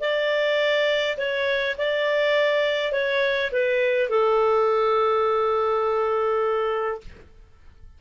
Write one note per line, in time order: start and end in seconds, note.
0.00 1.17 D5
1.17 1.76 C#5
1.78 2.92 D5
2.92 3.51 C#5
3.52 4.09 B4
4.09 7.00 A4